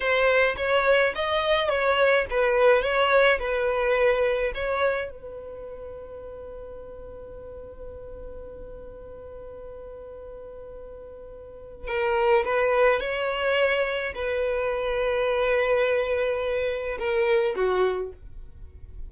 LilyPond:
\new Staff \with { instrumentName = "violin" } { \time 4/4 \tempo 4 = 106 c''4 cis''4 dis''4 cis''4 | b'4 cis''4 b'2 | cis''4 b'2.~ | b'1~ |
b'1~ | b'4 ais'4 b'4 cis''4~ | cis''4 b'2.~ | b'2 ais'4 fis'4 | }